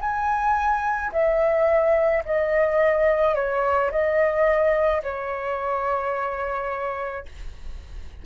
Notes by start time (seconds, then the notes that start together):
0.00 G#5
1.12 E5
2.25 D#5
3.35 C#5
3.91 D#5
5.03 C#5